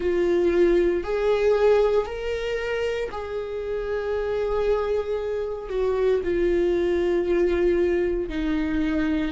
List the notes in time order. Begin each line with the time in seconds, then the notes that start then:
0.00 F4
1.03 G#4
2.05 A#4
3.11 G#4
5.69 F#4
6.24 F4
8.29 D#4